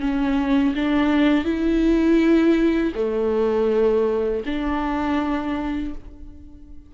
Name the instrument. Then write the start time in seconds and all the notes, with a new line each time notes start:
viola
0.00 C#4
0.75 D4
1.44 E4
2.95 A3
4.46 D4